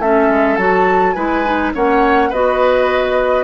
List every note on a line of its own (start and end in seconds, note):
0.00 0.29 A3
0.00 0.59 C#4
0.00 1.15 A4
0.00 0.56 E5
0.29 0.58 G#3
0.56 1.15 F#3
0.56 1.16 F#4
0.56 1.13 A5
1.13 1.74 G#3
1.13 1.45 E4
1.13 1.73 B4
1.13 1.71 G#5
1.45 1.74 D#4
1.74 2.32 A#3
1.74 2.32 C#4
1.74 2.30 C#5
1.74 2.32 F#5
2.30 3.44 B3
2.30 3.44 F#4
2.30 3.44 B4
2.30 3.44 D#5